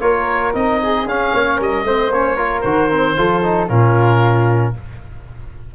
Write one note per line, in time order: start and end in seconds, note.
0.00 0.53 A#3
0.00 0.54 F4
0.00 0.81 A#4
0.00 0.53 C#5
0.54 1.05 C4
0.54 1.06 D#4
0.54 1.08 D#5
0.83 1.34 G#4
1.05 1.31 C#4
1.05 1.85 C#4
1.05 1.61 F5
1.33 1.59 A#3
1.33 1.57 C#5
1.57 1.83 G3
1.57 1.83 A#4
1.57 2.13 D#5
1.83 2.10 A3
1.83 2.12 C4
1.83 2.36 C5
2.10 2.62 A#3
2.10 2.37 C#4
2.10 2.61 C#5
2.36 2.63 F4
2.36 3.15 A#4
2.61 3.17 D#3
2.61 2.90 F#4
2.61 3.66 C5
2.90 3.16 C4
3.16 3.69 F3
3.16 3.43 F4
3.16 3.69 A4
3.43 3.69 D#4
3.69 4.75 A#2
3.69 4.74 C#4
3.69 4.74 F4
3.69 4.74 A#4